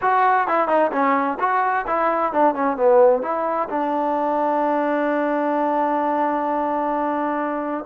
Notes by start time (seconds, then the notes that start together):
0.01 F#4
0.47 E4
0.68 D#4
0.91 C#4
1.39 F#4
1.87 E4
2.32 D4
2.54 C#4
2.77 B3
3.22 E4
3.69 D4